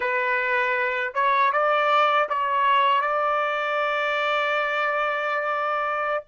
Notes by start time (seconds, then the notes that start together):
0.00 B4
1.14 C#5
1.52 D5
2.29 C#5
3.01 D5